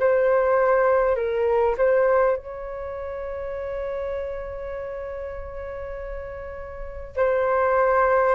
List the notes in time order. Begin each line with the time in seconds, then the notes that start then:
0.00 C5
1.16 A#4
1.78 C5
2.37 C#5
7.17 C5